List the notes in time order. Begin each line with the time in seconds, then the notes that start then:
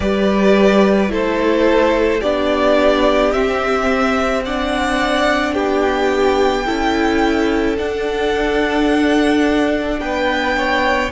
0.00 G3 G4 B4 D5
1.09 A3 E4 A4 C5
2.20 B3 D4 G4 D5
3.31 C4 E5
4.45 D4 D5 F#5
5.53 B3 G4 G5
6.65 C#4 E4 A4
7.77 D4 F#5
9.99 B3 B4 G5
10.57 C#5